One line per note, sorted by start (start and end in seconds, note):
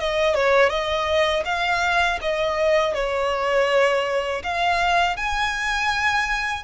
0.00 0.34 D#5
0.34 0.69 C#5
0.69 1.43 D#5
1.45 2.19 F5
2.21 2.94 D#5
2.94 4.42 C#5
4.43 5.16 F5
5.16 6.63 G#5